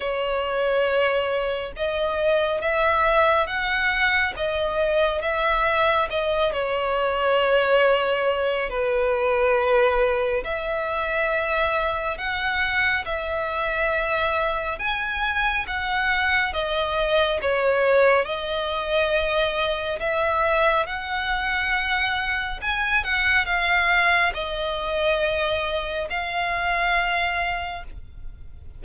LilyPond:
\new Staff \with { instrumentName = "violin" } { \time 4/4 \tempo 4 = 69 cis''2 dis''4 e''4 | fis''4 dis''4 e''4 dis''8 cis''8~ | cis''2 b'2 | e''2 fis''4 e''4~ |
e''4 gis''4 fis''4 dis''4 | cis''4 dis''2 e''4 | fis''2 gis''8 fis''8 f''4 | dis''2 f''2 | }